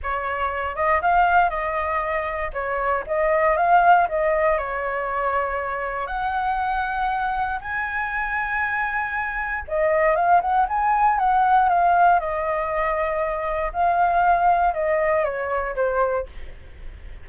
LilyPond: \new Staff \with { instrumentName = "flute" } { \time 4/4 \tempo 4 = 118 cis''4. dis''8 f''4 dis''4~ | dis''4 cis''4 dis''4 f''4 | dis''4 cis''2. | fis''2. gis''4~ |
gis''2. dis''4 | f''8 fis''8 gis''4 fis''4 f''4 | dis''2. f''4~ | f''4 dis''4 cis''4 c''4 | }